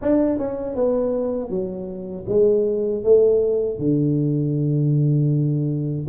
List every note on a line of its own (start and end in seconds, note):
0.01 0.38 D4
0.38 0.75 C#4
0.75 1.49 B3
1.49 2.25 F#3
2.28 3.03 G#3
3.03 3.78 A3
3.78 6.06 D3